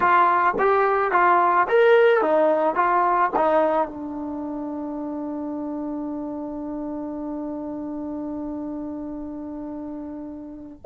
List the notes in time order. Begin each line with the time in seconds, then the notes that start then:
0.00 F4
0.58 G4
1.11 F4
1.68 A#4
2.21 D#4
2.75 F4
3.36 D#4
3.87 D4